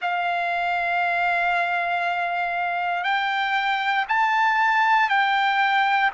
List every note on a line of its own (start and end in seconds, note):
0.01 3.03 F5
3.03 4.05 G5
4.08 5.09 A5
5.09 6.11 G5